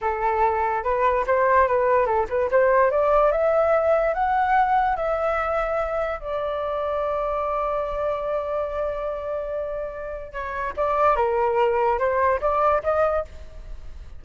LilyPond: \new Staff \with { instrumentName = "flute" } { \time 4/4 \tempo 4 = 145 a'2 b'4 c''4 | b'4 a'8 b'8 c''4 d''4 | e''2 fis''2 | e''2. d''4~ |
d''1~ | d''1~ | d''4 cis''4 d''4 ais'4~ | ais'4 c''4 d''4 dis''4 | }